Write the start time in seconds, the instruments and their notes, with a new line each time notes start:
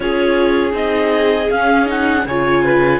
0.00 cello C#4, viola F4, violin G#4, clarinet C#5
0.72 cello C4, viola D#4, clarinet D#5
1.50 cello C#4, viola C#4, clarinet F5
1.86 viola D#4, clarinet F#5
2.25 cello C#3, viola F4, violin C#5, clarinet G#5
2.64 violin B4